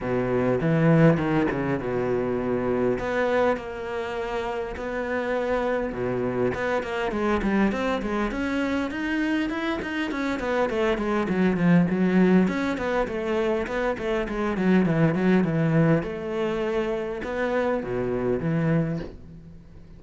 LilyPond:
\new Staff \with { instrumentName = "cello" } { \time 4/4 \tempo 4 = 101 b,4 e4 dis8 cis8 b,4~ | b,4 b4 ais2 | b2 b,4 b8 ais8 | gis8 g8 c'8 gis8 cis'4 dis'4 |
e'8 dis'8 cis'8 b8 a8 gis8 fis8 f8 | fis4 cis'8 b8 a4 b8 a8 | gis8 fis8 e8 fis8 e4 a4~ | a4 b4 b,4 e4 | }